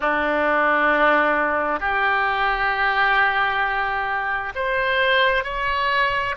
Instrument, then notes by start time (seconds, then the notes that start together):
oboe
0.00 D4
1.79 G4
4.55 C5
5.44 C#5